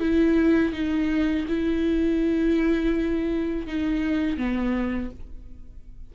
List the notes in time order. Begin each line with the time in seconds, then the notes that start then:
0.00 E4
0.73 D#4
1.48 E4
3.67 D#4
4.37 B3